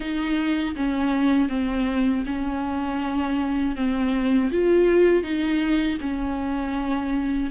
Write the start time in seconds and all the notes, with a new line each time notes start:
0.00 D#4
0.76 C#4
1.48 C4
2.26 C#4
3.75 C4
4.51 F4
5.23 D#4
6.00 C#4